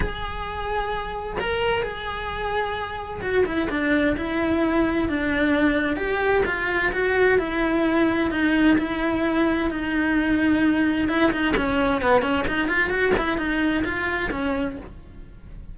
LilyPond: \new Staff \with { instrumentName = "cello" } { \time 4/4 \tempo 4 = 130 gis'2. ais'4 | gis'2. fis'8 e'8 | d'4 e'2 d'4~ | d'4 g'4 f'4 fis'4 |
e'2 dis'4 e'4~ | e'4 dis'2. | e'8 dis'8 cis'4 b8 cis'8 dis'8 f'8 | fis'8 e'8 dis'4 f'4 cis'4 | }